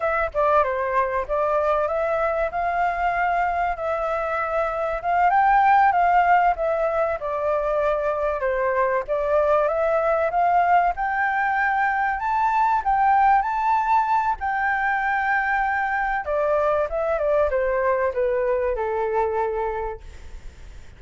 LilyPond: \new Staff \with { instrumentName = "flute" } { \time 4/4 \tempo 4 = 96 e''8 d''8 c''4 d''4 e''4 | f''2 e''2 | f''8 g''4 f''4 e''4 d''8~ | d''4. c''4 d''4 e''8~ |
e''8 f''4 g''2 a''8~ | a''8 g''4 a''4. g''4~ | g''2 d''4 e''8 d''8 | c''4 b'4 a'2 | }